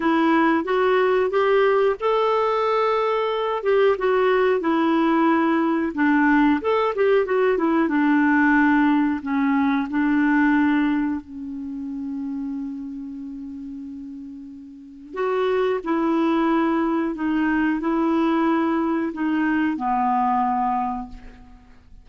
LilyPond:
\new Staff \with { instrumentName = "clarinet" } { \time 4/4 \tempo 4 = 91 e'4 fis'4 g'4 a'4~ | a'4. g'8 fis'4 e'4~ | e'4 d'4 a'8 g'8 fis'8 e'8 | d'2 cis'4 d'4~ |
d'4 cis'2.~ | cis'2. fis'4 | e'2 dis'4 e'4~ | e'4 dis'4 b2 | }